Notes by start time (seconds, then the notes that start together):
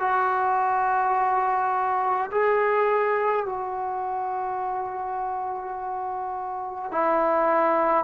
0.00 F#4
2.32 G#4
3.46 F#4
6.92 E4